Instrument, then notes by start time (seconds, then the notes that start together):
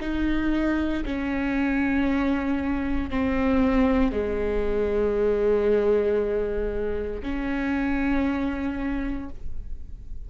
viola
0.00 D#4
1.05 C#4
3.10 C4
4.11 G#3
7.22 C#4